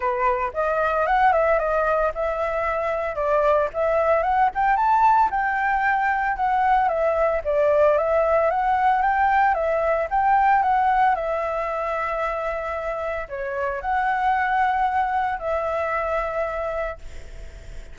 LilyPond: \new Staff \with { instrumentName = "flute" } { \time 4/4 \tempo 4 = 113 b'4 dis''4 fis''8 e''8 dis''4 | e''2 d''4 e''4 | fis''8 g''8 a''4 g''2 | fis''4 e''4 d''4 e''4 |
fis''4 g''4 e''4 g''4 | fis''4 e''2.~ | e''4 cis''4 fis''2~ | fis''4 e''2. | }